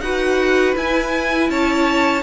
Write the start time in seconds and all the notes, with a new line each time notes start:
0.00 D#4 F#4 B4 F#5
0.75 E4 G#5
1.49 C#4 C#5 A5